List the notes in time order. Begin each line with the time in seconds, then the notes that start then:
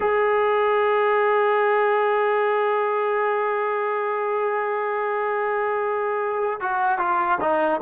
0.00 G#4
6.60 F#4
6.98 F4
7.40 D#4